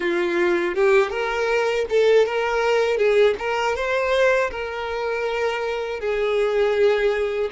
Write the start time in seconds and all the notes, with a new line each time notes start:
0.00 F4
0.74 G4
1.10 A#4
1.89 A4
2.26 A#4
2.97 G#4
3.38 A#4
3.75 C5
4.50 A#4
6.00 G#4